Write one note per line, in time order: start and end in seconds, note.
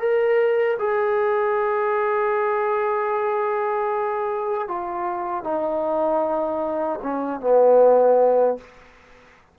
0.00 0.78 A#4
0.79 4.69 G#4
4.69 5.44 F4
5.44 7.00 D#4
7.03 7.41 C#4
7.41 8.58 B3